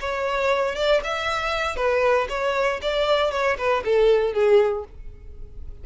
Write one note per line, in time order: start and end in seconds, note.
0.00 0.75 C#5
0.75 1.01 D5
1.04 1.76 E5
1.76 2.27 B4
2.29 2.80 C#5
2.82 3.31 D5
3.31 3.57 C#5
3.58 3.83 B4
3.84 4.33 A4
4.33 4.84 G#4